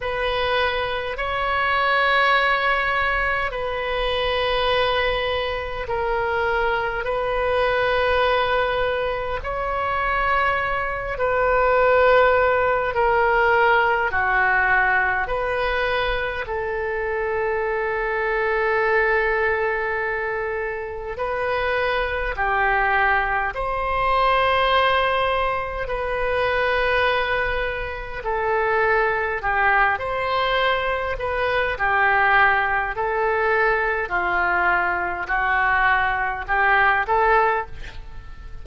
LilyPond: \new Staff \with { instrumentName = "oboe" } { \time 4/4 \tempo 4 = 51 b'4 cis''2 b'4~ | b'4 ais'4 b'2 | cis''4. b'4. ais'4 | fis'4 b'4 a'2~ |
a'2 b'4 g'4 | c''2 b'2 | a'4 g'8 c''4 b'8 g'4 | a'4 f'4 fis'4 g'8 a'8 | }